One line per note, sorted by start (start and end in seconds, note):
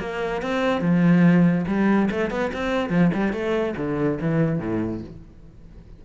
0.00 0.42 A#3
0.42 0.81 C4
0.81 1.65 F3
1.67 2.09 G3
2.11 2.30 A3
2.30 2.51 B3
2.53 2.90 C4
2.90 3.11 F3
3.14 3.33 G3
3.33 3.75 A3
3.77 4.19 D3
4.21 4.59 E3
4.59 5.01 A2